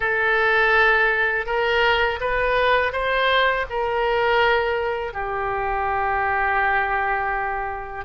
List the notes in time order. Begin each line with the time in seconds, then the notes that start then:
0.00 A4
1.46 A#4
2.20 B4
2.92 C5
3.69 A#4
5.13 G4